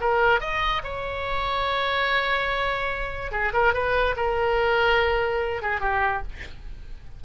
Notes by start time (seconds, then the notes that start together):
0.00 A#4
0.40 D#5
0.83 C#5
3.31 G#4
3.53 A#4
3.73 B4
4.16 A#4
5.62 G#4
5.80 G4